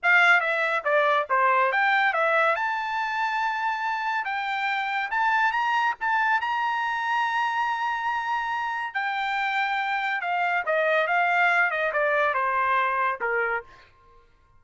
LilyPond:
\new Staff \with { instrumentName = "trumpet" } { \time 4/4 \tempo 4 = 141 f''4 e''4 d''4 c''4 | g''4 e''4 a''2~ | a''2 g''2 | a''4 ais''4 a''4 ais''4~ |
ais''1~ | ais''4 g''2. | f''4 dis''4 f''4. dis''8 | d''4 c''2 ais'4 | }